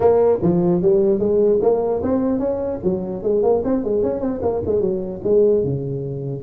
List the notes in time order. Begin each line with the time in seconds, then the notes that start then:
0.00 A#3
0.42 F3
0.81 G3
1.19 G#3
1.61 A#3
2.02 C4
2.39 C#4
2.83 F#3
3.22 G#3
3.42 A#3
3.64 C4
3.84 G#3
4.02 C#4
4.20 C4
4.42 A#3
4.65 G#3
4.80 F#3
5.23 G#3
5.64 C#3